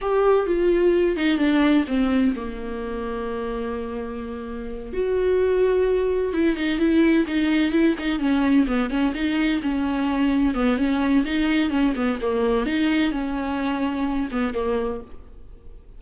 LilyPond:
\new Staff \with { instrumentName = "viola" } { \time 4/4 \tempo 4 = 128 g'4 f'4. dis'8 d'4 | c'4 ais2.~ | ais2~ ais8 fis'4.~ | fis'4. e'8 dis'8 e'4 dis'8~ |
dis'8 e'8 dis'8 cis'4 b8 cis'8 dis'8~ | dis'8 cis'2 b8 cis'4 | dis'4 cis'8 b8 ais4 dis'4 | cis'2~ cis'8 b8 ais4 | }